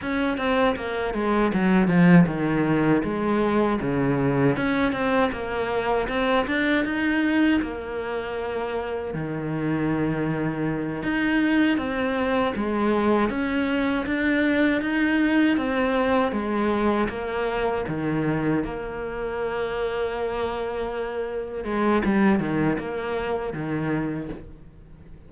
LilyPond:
\new Staff \with { instrumentName = "cello" } { \time 4/4 \tempo 4 = 79 cis'8 c'8 ais8 gis8 fis8 f8 dis4 | gis4 cis4 cis'8 c'8 ais4 | c'8 d'8 dis'4 ais2 | dis2~ dis8 dis'4 c'8~ |
c'8 gis4 cis'4 d'4 dis'8~ | dis'8 c'4 gis4 ais4 dis8~ | dis8 ais2.~ ais8~ | ais8 gis8 g8 dis8 ais4 dis4 | }